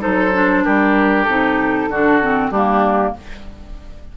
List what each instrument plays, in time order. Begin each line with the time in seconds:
0.00 bassoon F#3, clarinet D#4, oboe A4, flute C5
0.34 clarinet D4
0.64 bassoon G3, oboe G4, flute A#4
1.24 bassoon C3, clarinet D#4, flute A4
1.89 bassoon D3, clarinet D4, oboe F#4
2.22 clarinet C4
2.51 bassoon G3, clarinet A#3, oboe D4, flute G4